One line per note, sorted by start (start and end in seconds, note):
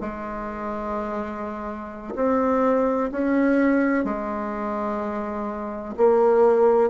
0.00 2.14 G#3
2.15 3.10 C4
3.11 4.04 C#4
4.04 5.94 G#3
5.97 6.90 A#3